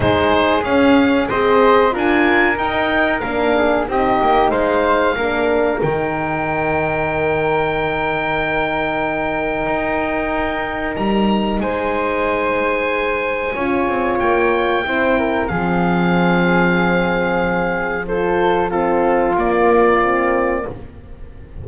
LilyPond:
<<
  \new Staff \with { instrumentName = "oboe" } { \time 4/4 \tempo 4 = 93 c''4 f''4 dis''4 gis''4 | g''4 f''4 dis''4 f''4~ | f''4 g''2.~ | g''1~ |
g''4 ais''4 gis''2~ | gis''2 g''2 | f''1 | c''4 a'4 d''2 | }
  \new Staff \with { instrumentName = "flute" } { \time 4/4 gis'2 c''4 ais'4~ | ais'4. gis'8 g'4 c''4 | ais'1~ | ais'1~ |
ais'2 c''2~ | c''4 cis''2 c''8 ais'8 | gis'1 | a'4 f'2. | }
  \new Staff \with { instrumentName = "horn" } { \time 4/4 dis'4 cis'4 gis'4 f'4 | dis'4 d'4 dis'2 | d'4 dis'2.~ | dis'1~ |
dis'1~ | dis'4 f'2 e'4 | c'1 | f'4 c'4 ais4 c'4 | }
  \new Staff \with { instrumentName = "double bass" } { \time 4/4 gis4 cis'4 c'4 d'4 | dis'4 ais4 c'8 ais8 gis4 | ais4 dis2.~ | dis2. dis'4~ |
dis'4 g4 gis2~ | gis4 cis'8 c'8 ais4 c'4 | f1~ | f2 ais2 | }
>>